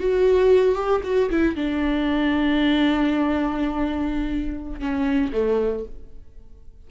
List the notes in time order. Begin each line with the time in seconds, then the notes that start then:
0.00 F#4
0.76 G4
1.04 F#4
1.30 E4
1.56 D4
4.80 C#4
5.33 A3